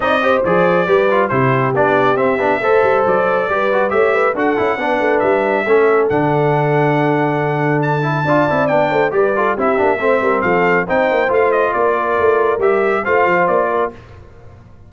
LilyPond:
<<
  \new Staff \with { instrumentName = "trumpet" } { \time 4/4 \tempo 4 = 138 dis''4 d''2 c''4 | d''4 e''2 d''4~ | d''4 e''4 fis''2 | e''2 fis''2~ |
fis''2 a''2 | g''4 d''4 e''2 | f''4 g''4 f''8 dis''8 d''4~ | d''4 e''4 f''4 d''4 | }
  \new Staff \with { instrumentName = "horn" } { \time 4/4 d''8 c''4. b'4 g'4~ | g'2 c''2 | b'4 cis''8 b'8 a'4 b'4~ | b'4 a'2.~ |
a'2. d''4~ | d''8 c''8 b'8 a'8 g'4 c''8 ais'8 | a'4 c''2 ais'4~ | ais'2 c''4. ais'8 | }
  \new Staff \with { instrumentName = "trombone" } { \time 4/4 dis'8 g'8 gis'4 g'8 f'8 e'4 | d'4 c'8 d'8 a'2 | g'8 fis'8 g'4 fis'8 e'8 d'4~ | d'4 cis'4 d'2~ |
d'2~ d'8 e'8 f'8 e'8 | d'4 g'8 f'8 e'8 d'8 c'4~ | c'4 dis'4 f'2~ | f'4 g'4 f'2 | }
  \new Staff \with { instrumentName = "tuba" } { \time 4/4 c'4 f4 g4 c4 | b4 c'8 b8 a8 g8 fis4 | g4 a4 d'8 cis'8 b8 a8 | g4 a4 d2~ |
d2. d'8 c'8 | b8 a8 g4 c'8 ais8 a8 g8 | f4 c'8 ais8 a4 ais4 | a4 g4 a8 f8 ais4 | }
>>